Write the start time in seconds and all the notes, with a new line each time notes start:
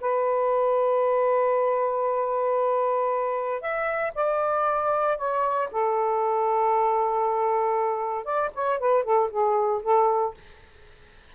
0.00 B4
3.61 E5
4.14 D5
5.17 C#5
5.71 A4
8.24 D5
8.54 C#5
8.79 B4
9.04 A4
9.30 G#4
9.82 A4